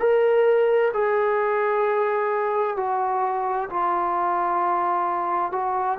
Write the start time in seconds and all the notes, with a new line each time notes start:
0.00 A#4
0.94 G#4
2.77 F#4
3.70 F4
5.52 F#4